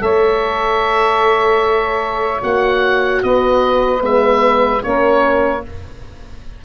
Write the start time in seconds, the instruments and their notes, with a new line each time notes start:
0.00 tuba A3, horn A4, saxophone C#5, oboe E5
2.41 tuba A#3, horn F#4, oboe F#5
3.23 tuba B3, saxophone B4, oboe D#5
4.01 tuba G#3, horn B3, oboe E5
4.81 tuba A#3, horn C#4, saxophone A#4, oboe C#5